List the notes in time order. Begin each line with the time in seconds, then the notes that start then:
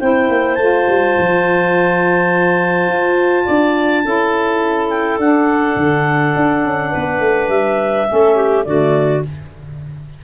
0.00 C4 E4 C5 G5
0.29 A#3
0.55 A3 F4 A5
0.88 G3
1.19 F3
2.88 F4
3.45 D4 D5
4.04 C#4 E4 A4
4.89 G5
5.18 D4 F#5
5.76 D3
6.36 D4
6.64 C#4
6.91 B3 B4
7.20 A3
7.49 G3 E5
8.07 A3 C#4 A4
8.36 G4
8.65 D3 A3 F#4 D5